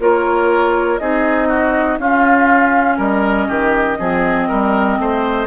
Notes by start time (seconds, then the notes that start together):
0.00 A#3 F4 A#4 C#5
0.98 C4 D#4 G#4 D#5
1.49 F#4
1.99 C#4 F4 F5
2.98 G3 A#4 D#5
3.48 D#3 G4
3.99 F3 C4 G#4
4.48 G3 A#4
4.99 A3 C5